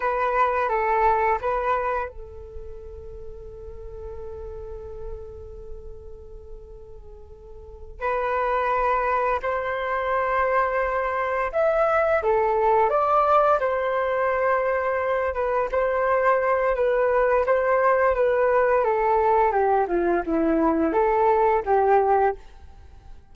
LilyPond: \new Staff \with { instrumentName = "flute" } { \time 4/4 \tempo 4 = 86 b'4 a'4 b'4 a'4~ | a'1~ | a'2.~ a'8 b'8~ | b'4. c''2~ c''8~ |
c''8 e''4 a'4 d''4 c''8~ | c''2 b'8 c''4. | b'4 c''4 b'4 a'4 | g'8 f'8 e'4 a'4 g'4 | }